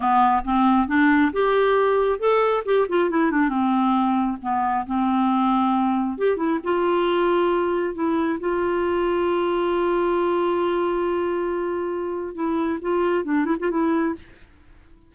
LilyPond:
\new Staff \with { instrumentName = "clarinet" } { \time 4/4 \tempo 4 = 136 b4 c'4 d'4 g'4~ | g'4 a'4 g'8 f'8 e'8 d'8 | c'2 b4 c'4~ | c'2 g'8 e'8 f'4~ |
f'2 e'4 f'4~ | f'1~ | f'1 | e'4 f'4 d'8 e'16 f'16 e'4 | }